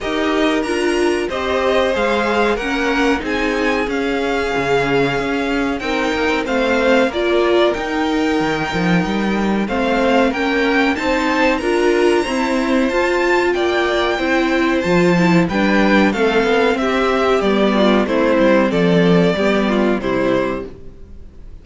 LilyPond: <<
  \new Staff \with { instrumentName = "violin" } { \time 4/4 \tempo 4 = 93 dis''4 ais''4 dis''4 f''4 | fis''4 gis''4 f''2~ | f''4 g''4 f''4 d''4 | g''2. f''4 |
g''4 a''4 ais''2 | a''4 g''2 a''4 | g''4 f''4 e''4 d''4 | c''4 d''2 c''4 | }
  \new Staff \with { instrumentName = "violin" } { \time 4/4 ais'2 c''2 | ais'4 gis'2.~ | gis'4 ais'4 c''4 ais'4~ | ais'2. c''4 |
ais'4 c''4 ais'4 c''4~ | c''4 d''4 c''2 | b'4 a'4 g'4. f'8 | e'4 a'4 g'8 f'8 e'4 | }
  \new Staff \with { instrumentName = "viola" } { \time 4/4 g'4 f'4 g'4 gis'4 | cis'4 dis'4 cis'2~ | cis'4 dis'4 c'4 f'4 | dis'2. c'4 |
cis'4 dis'4 f'4 c'4 | f'2 e'4 f'8 e'8 | d'4 c'2 b4 | c'2 b4 g4 | }
  \new Staff \with { instrumentName = "cello" } { \time 4/4 dis'4 d'4 c'4 gis4 | ais4 c'4 cis'4 cis4 | cis'4 c'8 ais16 c'16 a4 ais4 | dis'4 dis8 f8 g4 a4 |
ais4 c'4 d'4 e'4 | f'4 ais4 c'4 f4 | g4 a8 b8 c'4 g4 | a8 g8 f4 g4 c4 | }
>>